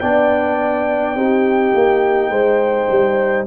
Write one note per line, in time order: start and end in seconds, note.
0.00 1.15 B3
0.00 1.16 D4
0.00 1.17 D5
0.00 3.46 G5
1.15 1.73 C4
1.15 3.47 D#4
1.15 2.31 G4
1.75 2.30 A#3
2.30 2.88 G#3
2.30 3.46 C5
2.90 3.47 G3